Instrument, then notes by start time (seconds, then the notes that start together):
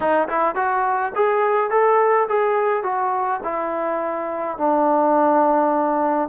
trombone
0.00 D#4
0.28 E4
0.55 F#4
1.15 G#4
1.70 A4
2.28 G#4
2.83 F#4
3.43 E4
4.57 D4